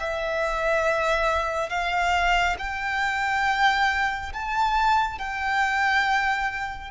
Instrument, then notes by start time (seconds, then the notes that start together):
violin
0.00 E5
1.70 F5
2.59 G5
4.34 A5
5.19 G5